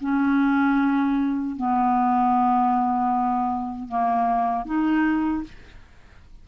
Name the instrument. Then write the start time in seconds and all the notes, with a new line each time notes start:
clarinet
0.00 C#4
1.56 B3
3.88 A#3
4.65 D#4